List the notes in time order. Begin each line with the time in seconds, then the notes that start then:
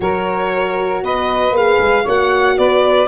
0.00 F#3 F#4 A#4 C#5
1.02 B3 B4 D#5
1.50 A#3 G#4 F5
1.79 G#3
2.03 A#3 F#4 C#5 F#5
2.58 B3 B4 D5